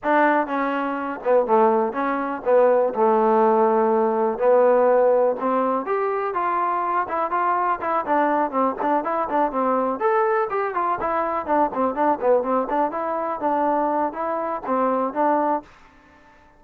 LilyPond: \new Staff \with { instrumentName = "trombone" } { \time 4/4 \tempo 4 = 123 d'4 cis'4. b8 a4 | cis'4 b4 a2~ | a4 b2 c'4 | g'4 f'4. e'8 f'4 |
e'8 d'4 c'8 d'8 e'8 d'8 c'8~ | c'8 a'4 g'8 f'8 e'4 d'8 | c'8 d'8 b8 c'8 d'8 e'4 d'8~ | d'4 e'4 c'4 d'4 | }